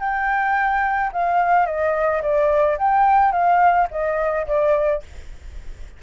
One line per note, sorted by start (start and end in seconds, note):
0.00 1.11 G5
1.13 1.66 F5
1.66 2.22 D#5
2.22 2.78 D5
2.79 3.32 G5
3.32 3.88 F5
3.91 4.46 D#5
4.47 5.03 D5